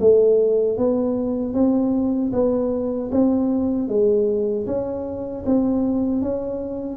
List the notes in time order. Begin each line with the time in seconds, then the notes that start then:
0.00 A3
0.78 B3
1.54 C4
2.32 B3
3.11 C4
3.88 G#3
4.66 C#4
5.46 C4
6.22 C#4